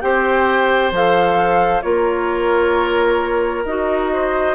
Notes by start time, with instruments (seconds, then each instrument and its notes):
0.00 bassoon C4, clarinet G4, oboe C5, flute G5
0.91 bassoon F3, clarinet A4, flute F5
1.81 bassoon A#3, clarinet F4, oboe A#4, flute C#5
3.64 bassoon D#4, clarinet F#4, flute D#5
4.12 oboe C5